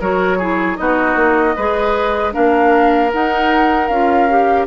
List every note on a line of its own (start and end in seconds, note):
0.00 0.78 F#3
0.00 0.40 F#4
0.00 0.38 A#4
0.00 0.76 C#5
0.38 0.76 E4
0.38 0.77 G#4
0.76 1.15 B3
0.76 1.54 D#4
0.76 1.56 F#4
0.76 2.32 D#5
1.15 1.54 A#3
1.56 2.35 G#3
1.56 2.32 G#4
1.56 2.33 B4
2.32 3.13 A#3
2.32 3.10 D4
2.32 4.66 A#4
2.32 3.12 F5
3.13 3.91 D#4
3.13 3.89 D#4
3.13 3.87 F#5
3.87 4.66 C#4
3.87 4.29 F4
3.87 4.65 F5
4.29 4.66 G4